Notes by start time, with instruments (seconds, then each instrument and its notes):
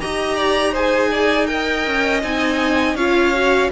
0.00 cello D#4, viola G4, violin D#5 A#5
0.36 violin D5
0.72 viola G#4, violin C5 G#5
1.11 violin D5
1.46 viola A#4, violin D#5 G5
1.86 cello C#4
2.23 cello C4, viola D#4, violin G#5
2.95 cello C#4, viola F4, violin C#5 F5
3.34 viola F#4